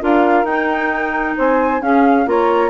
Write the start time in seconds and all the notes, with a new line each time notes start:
0.00 D4 F4 A#4 F5
0.44 D#4 G5
1.37 C4 C5 G#5
1.81 C#4 G#4 F5
2.26 A#3 F4 C#5 A#5